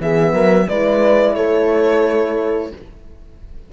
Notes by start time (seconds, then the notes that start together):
0.00 E3 B3 G#4 E5
0.33 F#3 A#4
0.68 G#3 E4 B4 D5
1.35 A3 A4 C#5